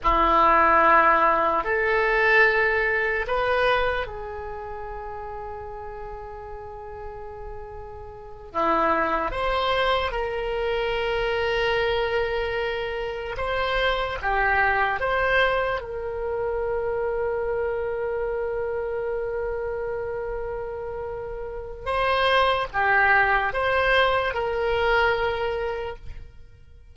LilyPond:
\new Staff \with { instrumentName = "oboe" } { \time 4/4 \tempo 4 = 74 e'2 a'2 | b'4 gis'2.~ | gis'2~ gis'8 e'4 c''8~ | c''8 ais'2.~ ais'8~ |
ais'8 c''4 g'4 c''4 ais'8~ | ais'1~ | ais'2. c''4 | g'4 c''4 ais'2 | }